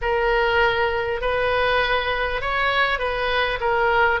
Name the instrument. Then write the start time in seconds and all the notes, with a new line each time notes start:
oboe
0.01 A#4
1.21 B4
2.41 C#5
2.98 B4
3.60 A#4